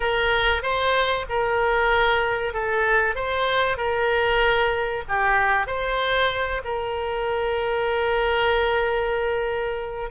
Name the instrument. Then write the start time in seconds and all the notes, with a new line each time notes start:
oboe
0.00 A#4
0.62 C5
1.29 A#4
2.53 A4
3.15 C5
3.77 A#4
5.08 G4
5.66 C5
6.64 A#4